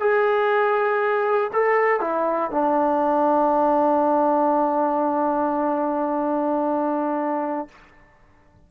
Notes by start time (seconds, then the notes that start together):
0.00 G#4
1.53 A4
2.01 E4
2.51 D4